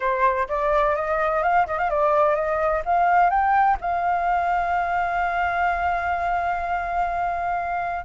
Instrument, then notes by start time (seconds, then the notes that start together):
flute
0.00 C5
0.48 D5
0.95 D#5
1.42 F5
1.66 D#5
1.78 F5
1.90 D5
2.35 D#5
2.85 F5
3.29 G5
3.80 F5